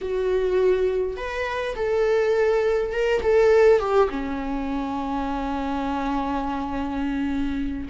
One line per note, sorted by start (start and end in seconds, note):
0.01 1.17 F#4
1.17 1.75 B4
1.75 2.92 A4
2.92 3.21 A#4
3.22 3.79 A4
3.79 4.08 G4
4.09 7.88 C#4